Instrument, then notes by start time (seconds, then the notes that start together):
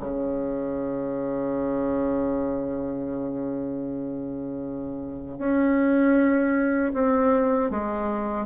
bassoon
0.00 C#3
5.39 C#4
6.94 C4
7.71 G#3